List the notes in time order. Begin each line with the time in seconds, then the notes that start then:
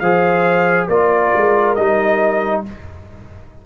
0.00 F3 G#4 C5 F5
0.88 A#3 F4 A#4 D5
1.36 G#3
1.75 G3 D#4 D#5